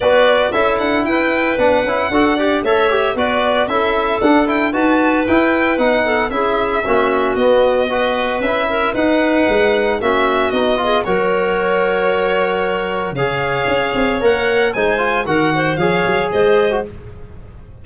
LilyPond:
<<
  \new Staff \with { instrumentName = "violin" } { \time 4/4 \tempo 4 = 114 d''4 e''8 fis''8 g''4 fis''4~ | fis''4 e''4 d''4 e''4 | fis''8 g''8 a''4 g''4 fis''4 | e''2 dis''2 |
e''4 fis''2 e''4 | dis''4 cis''2.~ | cis''4 f''2 fis''4 | gis''4 fis''4 f''4 dis''4 | }
  \new Staff \with { instrumentName = "clarinet" } { \time 4/4 b'4 a'4 b'2 | a'8 d''8 cis''4 b'4 a'4~ | a'4 b'2~ b'8 a'8 | gis'4 fis'2 b'4~ |
b'8 ais'8 b'2 fis'4~ | fis'8 gis'8 ais'2.~ | ais'4 cis''2. | c''4 ais'8 c''8 cis''4 c''4 | }
  \new Staff \with { instrumentName = "trombone" } { \time 4/4 fis'4 e'2 d'8 e'8 | fis'8 g'8 a'8 g'8 fis'4 e'4 | d'8 e'8 fis'4 e'4 dis'4 | e'4 cis'4 b4 fis'4 |
e'4 dis'2 cis'4 | dis'8 f'8 fis'2.~ | fis'4 gis'2 ais'4 | dis'8 f'8 fis'4 gis'4.~ gis'16 fis'16 | }
  \new Staff \with { instrumentName = "tuba" } { \time 4/4 b4 cis'8 d'8 e'4 b8 cis'8 | d'4 a4 b4 cis'4 | d'4 dis'4 e'4 b4 | cis'4 ais4 b2 |
cis'4 dis'4 gis4 ais4 | b4 fis2.~ | fis4 cis4 cis'8 c'8 ais4 | gis4 dis4 f8 fis8 gis4 | }
>>